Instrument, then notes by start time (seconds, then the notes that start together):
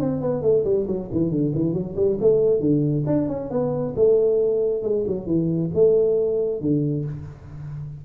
tuba
0.00 C4
0.21 B3
0.42 A3
0.64 G3
0.87 F#3
1.12 E3
1.31 D3
1.55 E3
1.73 F#3
1.96 G3
2.21 A3
2.60 D3
3.06 D4
3.28 C#4
3.50 B3
3.96 A3
4.83 G#3
5.07 F#3
5.26 E3
5.74 A3
6.61 D3